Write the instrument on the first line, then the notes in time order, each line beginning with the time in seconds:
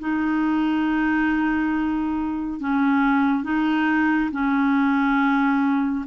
clarinet
0.00 D#4
2.60 C#4
3.44 D#4
4.32 C#4